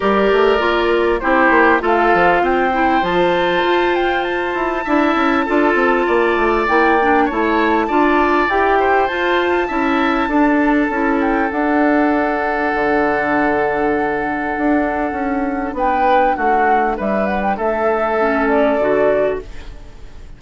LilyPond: <<
  \new Staff \with { instrumentName = "flute" } { \time 4/4 \tempo 4 = 99 d''2 c''4 f''4 | g''4 a''4. g''8 a''4~ | a''2. g''4 | a''2 g''4 a''4~ |
a''2~ a''8 g''8 fis''4~ | fis''1~ | fis''2 g''4 fis''4 | e''8 fis''16 g''16 e''4. d''4. | }
  \new Staff \with { instrumentName = "oboe" } { \time 4/4 ais'2 g'4 a'4 | c''1 | e''4 a'4 d''2 | cis''4 d''4. c''4. |
e''4 a'2.~ | a'1~ | a'2 b'4 fis'4 | b'4 a'2. | }
  \new Staff \with { instrumentName = "clarinet" } { \time 4/4 g'4 f'4 e'4 f'4~ | f'8 e'8 f'2. | e'4 f'2 e'8 d'8 | e'4 f'4 g'4 f'4 |
e'4 d'4 e'4 d'4~ | d'1~ | d'1~ | d'2 cis'4 fis'4 | }
  \new Staff \with { instrumentName = "bassoon" } { \time 4/4 g8 a8 ais4 c'8 ais8 a8 f8 | c'4 f4 f'4. e'8 | d'8 cis'8 d'8 c'8 ais8 a8 ais4 | a4 d'4 e'4 f'4 |
cis'4 d'4 cis'4 d'4~ | d'4 d2. | d'4 cis'4 b4 a4 | g4 a2 d4 | }
>>